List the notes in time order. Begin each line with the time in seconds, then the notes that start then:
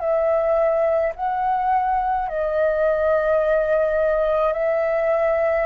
0.00 E5
1.16 F#5
2.28 D#5
4.53 E5